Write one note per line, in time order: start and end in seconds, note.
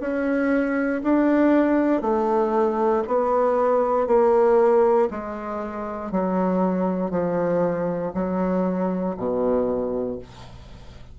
0.00 1.02 C#4
1.03 2.01 D4
2.01 3.03 A3
3.07 4.07 B3
4.07 5.08 A#3
5.10 6.11 G#3
6.11 7.10 F#3
7.10 8.12 F3
8.14 9.16 F#3
9.17 10.18 B2